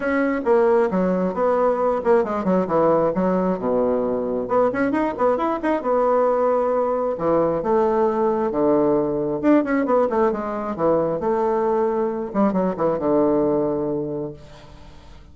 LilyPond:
\new Staff \with { instrumentName = "bassoon" } { \time 4/4 \tempo 4 = 134 cis'4 ais4 fis4 b4~ | b8 ais8 gis8 fis8 e4 fis4 | b,2 b8 cis'8 dis'8 b8 | e'8 dis'8 b2. |
e4 a2 d4~ | d4 d'8 cis'8 b8 a8 gis4 | e4 a2~ a8 g8 | fis8 e8 d2. | }